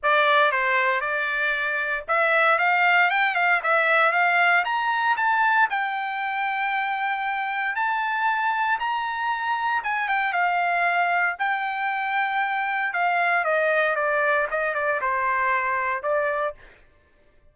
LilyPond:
\new Staff \with { instrumentName = "trumpet" } { \time 4/4 \tempo 4 = 116 d''4 c''4 d''2 | e''4 f''4 g''8 f''8 e''4 | f''4 ais''4 a''4 g''4~ | g''2. a''4~ |
a''4 ais''2 gis''8 g''8 | f''2 g''2~ | g''4 f''4 dis''4 d''4 | dis''8 d''8 c''2 d''4 | }